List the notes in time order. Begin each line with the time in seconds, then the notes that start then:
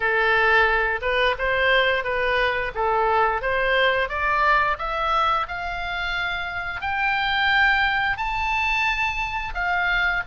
0.00 A4
1.01 B4
1.38 C5
2.03 B4
2.75 A4
3.41 C5
4.08 D5
4.78 E5
5.48 F5
6.81 G5
8.17 A5
9.54 F5